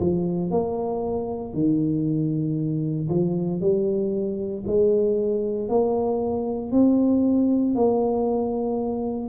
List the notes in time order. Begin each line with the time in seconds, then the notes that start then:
0.00 F3
0.51 A#3
1.54 D#3
3.09 F3
3.61 G3
4.66 G#3
5.68 A#3
6.71 C4
7.75 A#3